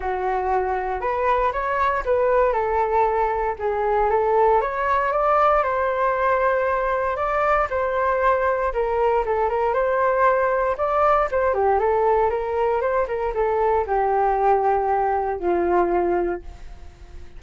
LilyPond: \new Staff \with { instrumentName = "flute" } { \time 4/4 \tempo 4 = 117 fis'2 b'4 cis''4 | b'4 a'2 gis'4 | a'4 cis''4 d''4 c''4~ | c''2 d''4 c''4~ |
c''4 ais'4 a'8 ais'8 c''4~ | c''4 d''4 c''8 g'8 a'4 | ais'4 c''8 ais'8 a'4 g'4~ | g'2 f'2 | }